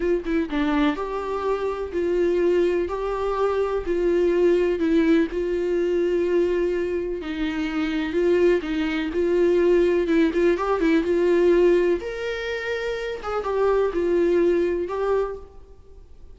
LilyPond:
\new Staff \with { instrumentName = "viola" } { \time 4/4 \tempo 4 = 125 f'8 e'8 d'4 g'2 | f'2 g'2 | f'2 e'4 f'4~ | f'2. dis'4~ |
dis'4 f'4 dis'4 f'4~ | f'4 e'8 f'8 g'8 e'8 f'4~ | f'4 ais'2~ ais'8 gis'8 | g'4 f'2 g'4 | }